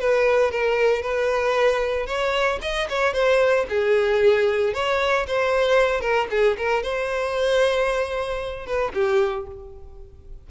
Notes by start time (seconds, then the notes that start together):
0.00 B4
0.52 A#4
1.03 B4
2.07 C#5
2.62 D#5
2.90 C#5
3.14 C5
3.70 G#4
4.74 C#5
5.28 C5
6.01 A#4
6.31 G#4
6.58 A#4
6.83 C5
8.67 B4
8.95 G4